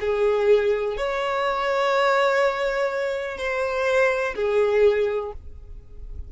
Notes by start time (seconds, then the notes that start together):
0.00 G#4
0.97 C#5
3.38 C5
4.35 G#4